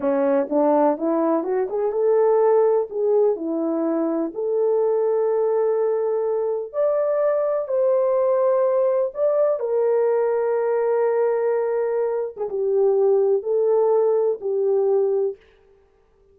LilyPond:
\new Staff \with { instrumentName = "horn" } { \time 4/4 \tempo 4 = 125 cis'4 d'4 e'4 fis'8 gis'8 | a'2 gis'4 e'4~ | e'4 a'2.~ | a'2 d''2 |
c''2. d''4 | ais'1~ | ais'4.~ ais'16 gis'16 g'2 | a'2 g'2 | }